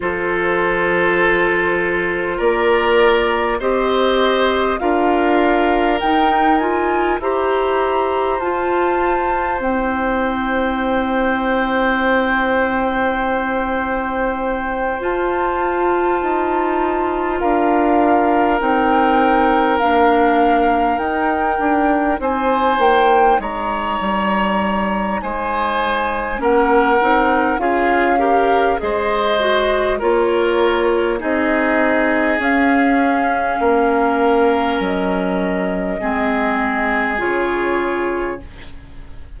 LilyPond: <<
  \new Staff \with { instrumentName = "flute" } { \time 4/4 \tempo 4 = 50 c''2 d''4 dis''4 | f''4 g''8 gis''8 ais''4 a''4 | g''1~ | g''8 a''2 f''4 g''8~ |
g''8 f''4 g''4 gis''8 g''8 ais''8~ | ais''4 gis''4 fis''4 f''4 | dis''4 cis''4 dis''4 f''4~ | f''4 dis''2 cis''4 | }
  \new Staff \with { instrumentName = "oboe" } { \time 4/4 a'2 ais'4 c''4 | ais'2 c''2~ | c''1~ | c''2~ c''8 ais'4.~ |
ais'2~ ais'8 c''4 cis''8~ | cis''4 c''4 ais'4 gis'8 ais'8 | c''4 ais'4 gis'2 | ais'2 gis'2 | }
  \new Staff \with { instrumentName = "clarinet" } { \time 4/4 f'2. g'4 | f'4 dis'8 f'8 g'4 f'4 | e'1~ | e'8 f'2. dis'8~ |
dis'8 d'4 dis'2~ dis'8~ | dis'2 cis'8 dis'8 f'8 g'8 | gis'8 fis'8 f'4 dis'4 cis'4~ | cis'2 c'4 f'4 | }
  \new Staff \with { instrumentName = "bassoon" } { \time 4/4 f2 ais4 c'4 | d'4 dis'4 e'4 f'4 | c'1~ | c'8 f'4 dis'4 d'4 c'8~ |
c'8 ais4 dis'8 d'8 c'8 ais8 gis8 | g4 gis4 ais8 c'8 cis'4 | gis4 ais4 c'4 cis'4 | ais4 fis4 gis4 cis4 | }
>>